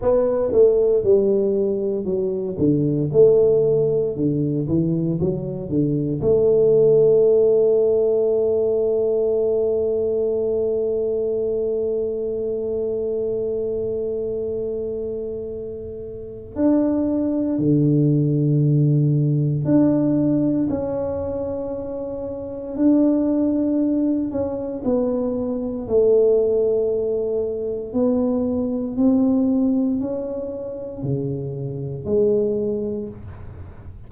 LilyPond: \new Staff \with { instrumentName = "tuba" } { \time 4/4 \tempo 4 = 58 b8 a8 g4 fis8 d8 a4 | d8 e8 fis8 d8 a2~ | a1~ | a1 |
d'4 d2 d'4 | cis'2 d'4. cis'8 | b4 a2 b4 | c'4 cis'4 cis4 gis4 | }